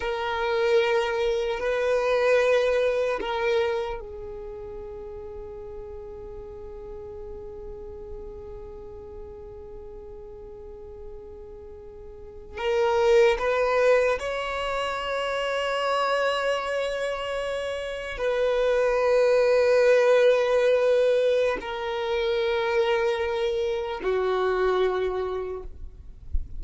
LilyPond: \new Staff \with { instrumentName = "violin" } { \time 4/4 \tempo 4 = 75 ais'2 b'2 | ais'4 gis'2.~ | gis'1~ | gis'2.~ gis'8. ais'16~ |
ais'8. b'4 cis''2~ cis''16~ | cis''2~ cis''8. b'4~ b'16~ | b'2. ais'4~ | ais'2 fis'2 | }